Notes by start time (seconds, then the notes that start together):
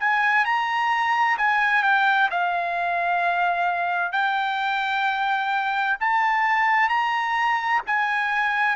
0.00 G#5
0.45 A#5
1.38 G#5
1.83 G5
2.31 F5
4.12 G5
6.00 A5
6.89 A#5
7.87 G#5